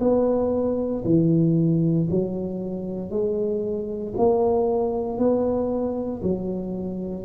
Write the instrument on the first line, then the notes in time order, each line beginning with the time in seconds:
tuba
0.00 B3
1.05 E3
2.11 F#3
3.10 G#3
4.17 A#3
5.18 B3
6.22 F#3